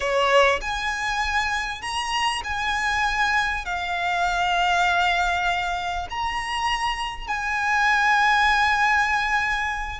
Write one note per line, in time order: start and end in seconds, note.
0.00 0.60 C#5
0.61 1.81 G#5
1.81 2.42 A#5
2.44 3.65 G#5
3.65 6.07 F5
6.09 7.27 A#5
7.27 9.99 G#5